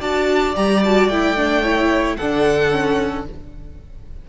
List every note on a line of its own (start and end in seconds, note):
0.00 0.56 D4
0.00 0.55 F#4
0.00 1.62 D5
0.00 0.56 A5
0.56 1.09 G3
0.56 0.83 G4
0.56 0.83 A#5
0.84 1.12 F#4
0.84 1.09 A5
1.09 2.18 A3
1.09 1.37 E4
1.09 2.17 G5
1.37 1.64 D4
1.63 2.18 E4
1.63 2.17 C#5
2.17 3.29 D3
2.17 2.72 D4
2.17 3.26 A4
2.17 3.25 F#5
2.72 3.26 C#4